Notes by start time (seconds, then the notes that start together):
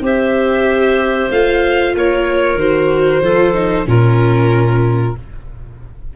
0.00 C4 G4 C5 E5
1.30 A3 F4 F5
1.94 A#3 A#4 C#5
2.55 D#3 F#4 C5
3.21 F3 F4 A4
3.54 D#4
3.85 A#2 C#4 F4 A#4